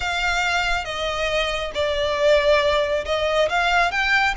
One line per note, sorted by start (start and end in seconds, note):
0.00 0.84 F5
0.84 1.71 D#5
1.74 3.04 D5
3.05 3.48 D#5
3.49 3.91 F5
3.91 4.34 G5